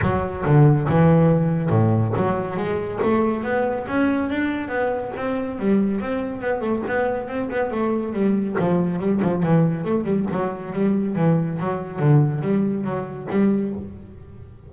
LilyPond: \new Staff \with { instrumentName = "double bass" } { \time 4/4 \tempo 4 = 140 fis4 d4 e2 | a,4 fis4 gis4 a4 | b4 cis'4 d'4 b4 | c'4 g4 c'4 b8 a8 |
b4 c'8 b8 a4 g4 | f4 g8 f8 e4 a8 g8 | fis4 g4 e4 fis4 | d4 g4 fis4 g4 | }